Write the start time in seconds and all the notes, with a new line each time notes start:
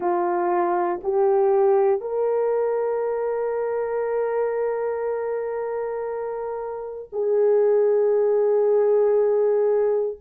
0.00 F4
1.03 G4
2.01 A#4
7.12 G#4